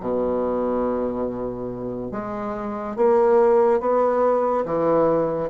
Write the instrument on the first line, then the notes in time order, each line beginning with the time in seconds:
bassoon
0.00 B2
2.11 G#3
2.96 A#3
3.80 B3
4.65 E3